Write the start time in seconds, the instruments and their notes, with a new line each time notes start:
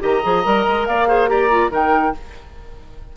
0.00 bassoon D#3, clarinet G4, oboe D#5, flute A#5
0.22 bassoon F3, clarinet G#4
0.44 bassoon G3, clarinet A#4
0.67 bassoon G#3
0.86 bassoon A#3, oboe D5, flute F5
1.07 clarinet G#4, oboe C5
1.28 clarinet G4, oboe D5, flute A#5
1.51 clarinet F4
1.70 bassoon D#3, clarinet D#4, oboe A#4, flute G5